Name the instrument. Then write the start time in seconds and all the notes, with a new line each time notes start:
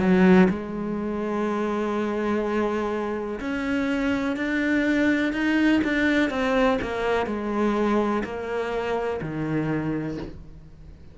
cello
0.00 F#3
0.50 G#3
3.40 C#4
4.37 D4
5.33 D#4
5.84 D4
6.30 C4
6.82 A#3
7.27 G#3
8.24 A#3
9.22 D#3